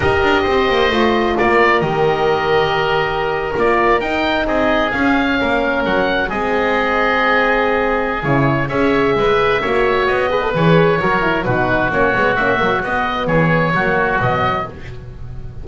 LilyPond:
<<
  \new Staff \with { instrumentName = "oboe" } { \time 4/4 \tempo 4 = 131 dis''2. d''4 | dis''2.~ dis''8. d''16~ | d''8. g''4 dis''4 f''4~ f''16~ | f''8. fis''4 dis''2~ dis''16~ |
dis''2 cis''4 e''4~ | e''2 dis''4 cis''4~ | cis''4 b'4 cis''4 e''4 | dis''4 cis''2 dis''4 | }
  \new Staff \with { instrumentName = "oboe" } { \time 4/4 ais'4 c''2 ais'4~ | ais'1~ | ais'4.~ ais'16 gis'2 ais'16~ | ais'4.~ ais'16 gis'2~ gis'16~ |
gis'2. cis''4 | b'4 cis''4. b'4. | ais'4 fis'2.~ | fis'4 gis'4 fis'2 | }
  \new Staff \with { instrumentName = "horn" } { \time 4/4 g'2 f'2 | g'2.~ g'8. f'16~ | f'8. dis'2 cis'4~ cis'16~ | cis'4.~ cis'16 c'2~ c'16~ |
c'2 e'4 gis'4~ | gis'4 fis'4. gis'16 a'16 gis'4 | fis'8 e'8 dis'4 cis'8 b8 cis'8 ais8 | b2 ais4 fis4 | }
  \new Staff \with { instrumentName = "double bass" } { \time 4/4 dis'8 d'8 c'8 ais8 a4 ais4 | dis2.~ dis8. ais16~ | ais8. dis'4 c'4 cis'4 ais16~ | ais8. fis4 gis2~ gis16~ |
gis2 cis4 cis'4 | gis4 ais4 b4 e4 | fis4 b,4 ais8 gis8 ais8 fis8 | b4 e4 fis4 b,4 | }
>>